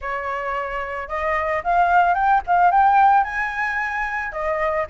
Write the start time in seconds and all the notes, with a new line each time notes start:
0.01 C#5
1.08 D#5
1.63 F5
2.14 G5
2.46 F5
2.71 G5
3.24 G#5
4.32 D#5